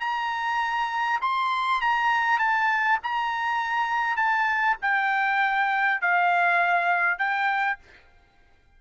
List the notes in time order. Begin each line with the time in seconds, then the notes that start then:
0.00 A#5
1.21 C6
1.81 A#5
2.39 A5
3.03 A#5
4.17 A5
4.82 G5
6.01 F5
7.18 G5